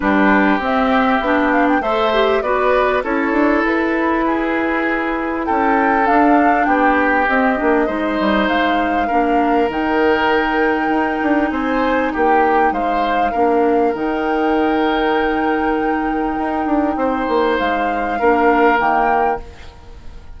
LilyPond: <<
  \new Staff \with { instrumentName = "flute" } { \time 4/4 \tempo 4 = 99 b'4 e''4. f''16 g''16 e''4 | d''4 cis''4 b'2~ | b'4 g''4 f''4 g''4 | dis''2 f''2 |
g''2. gis''4 | g''4 f''2 g''4~ | g''1~ | g''4 f''2 g''4 | }
  \new Staff \with { instrumentName = "oboe" } { \time 4/4 g'2. c''4 | b'4 a'2 gis'4~ | gis'4 a'2 g'4~ | g'4 c''2 ais'4~ |
ais'2. c''4 | g'4 c''4 ais'2~ | ais'1 | c''2 ais'2 | }
  \new Staff \with { instrumentName = "clarinet" } { \time 4/4 d'4 c'4 d'4 a'8 g'8 | fis'4 e'2.~ | e'2 d'2 | c'8 d'8 dis'2 d'4 |
dis'1~ | dis'2 d'4 dis'4~ | dis'1~ | dis'2 d'4 ais4 | }
  \new Staff \with { instrumentName = "bassoon" } { \time 4/4 g4 c'4 b4 a4 | b4 cis'8 d'8 e'2~ | e'4 cis'4 d'4 b4 | c'8 ais8 gis8 g8 gis4 ais4 |
dis2 dis'8 d'8 c'4 | ais4 gis4 ais4 dis4~ | dis2. dis'8 d'8 | c'8 ais8 gis4 ais4 dis4 | }
>>